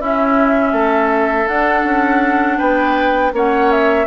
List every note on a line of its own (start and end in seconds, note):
0.00 0.72 C#4
0.00 1.47 C#4
0.00 0.73 E4
0.00 1.47 E5
0.72 1.46 A3
0.72 2.58 A4
1.47 3.32 D4
1.47 1.84 D4
1.47 2.58 F#5
1.84 2.58 C#4
2.58 3.32 B3
2.58 3.32 B4
2.58 3.32 G5
3.32 4.06 A#3
3.32 4.06 C#4
3.32 4.06 C#5
3.32 3.71 F#5
3.71 4.06 E5